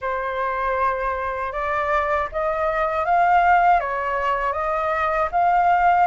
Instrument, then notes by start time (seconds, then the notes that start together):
flute
0.01 C5
1.52 D5
2.32 D#5
3.05 F5
3.80 C#5
4.53 D#5
5.31 F5